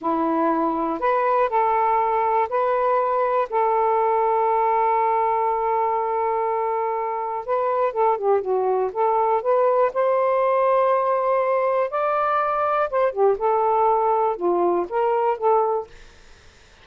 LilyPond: \new Staff \with { instrumentName = "saxophone" } { \time 4/4 \tempo 4 = 121 e'2 b'4 a'4~ | a'4 b'2 a'4~ | a'1~ | a'2. b'4 |
a'8 g'8 fis'4 a'4 b'4 | c''1 | d''2 c''8 g'8 a'4~ | a'4 f'4 ais'4 a'4 | }